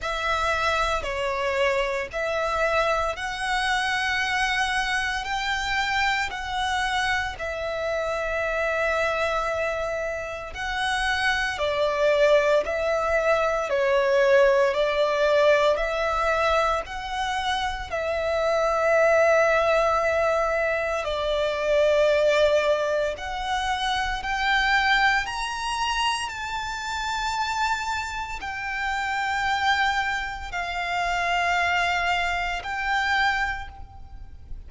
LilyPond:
\new Staff \with { instrumentName = "violin" } { \time 4/4 \tempo 4 = 57 e''4 cis''4 e''4 fis''4~ | fis''4 g''4 fis''4 e''4~ | e''2 fis''4 d''4 | e''4 cis''4 d''4 e''4 |
fis''4 e''2. | d''2 fis''4 g''4 | ais''4 a''2 g''4~ | g''4 f''2 g''4 | }